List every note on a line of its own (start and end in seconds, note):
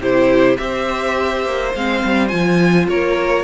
0.00 0.58 C3
0.00 0.58 E4
0.00 0.59 G4
0.00 0.58 C5
0.58 1.46 C4
0.58 1.73 G4
0.58 2.90 C5
0.58 1.73 E5
1.46 1.75 A#3
1.75 2.04 G#3
1.75 2.30 C4
1.75 2.29 F5
2.05 2.33 G3
2.29 2.88 F3
2.29 3.45 F4
2.29 2.86 G#5
2.88 3.45 A#3
2.88 3.45 A#4
2.88 3.45 C#5